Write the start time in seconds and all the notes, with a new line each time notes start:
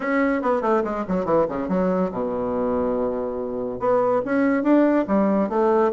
0.00 C#4
0.41 B3
0.61 A3
0.83 G#3
1.08 F#3
1.25 E3
1.49 C#3
1.68 F#3
2.11 B2
3.79 B3
4.25 C#4
4.63 D4
5.07 G3
5.49 A3